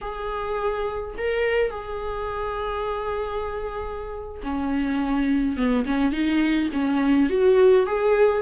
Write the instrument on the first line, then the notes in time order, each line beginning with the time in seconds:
viola
0.01 G#4
1.17 A#4
1.70 G#4
4.43 C#4
5.56 B3
5.85 C#4
6.11 D#4
6.72 C#4
7.29 F#4
7.86 G#4